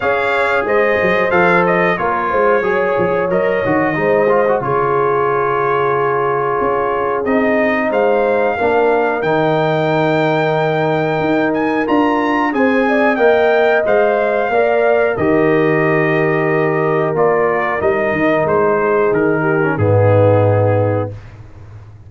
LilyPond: <<
  \new Staff \with { instrumentName = "trumpet" } { \time 4/4 \tempo 4 = 91 f''4 dis''4 f''8 dis''8 cis''4~ | cis''4 dis''2 cis''4~ | cis''2. dis''4 | f''2 g''2~ |
g''4. gis''8 ais''4 gis''4 | g''4 f''2 dis''4~ | dis''2 d''4 dis''4 | c''4 ais'4 gis'2 | }
  \new Staff \with { instrumentName = "horn" } { \time 4/4 cis''4 c''2 ais'8 c''8 | cis''2 c''4 gis'4~ | gis'1 | c''4 ais'2.~ |
ais'2. c''8 d''8 | dis''2 d''4 ais'4~ | ais'1~ | ais'8 gis'4 g'8 dis'2 | }
  \new Staff \with { instrumentName = "trombone" } { \time 4/4 gis'2 a'4 f'4 | gis'4 ais'8 fis'8 dis'8 f'16 fis'16 f'4~ | f'2. dis'4~ | dis'4 d'4 dis'2~ |
dis'2 f'4 gis'4 | ais'4 c''4 ais'4 g'4~ | g'2 f'4 dis'4~ | dis'4.~ dis'16 cis'16 b2 | }
  \new Staff \with { instrumentName = "tuba" } { \time 4/4 cis'4 gis8 fis8 f4 ais8 gis8 | fis8 f8 fis8 dis8 gis4 cis4~ | cis2 cis'4 c'4 | gis4 ais4 dis2~ |
dis4 dis'4 d'4 c'4 | ais4 gis4 ais4 dis4~ | dis2 ais4 g8 dis8 | gis4 dis4 gis,2 | }
>>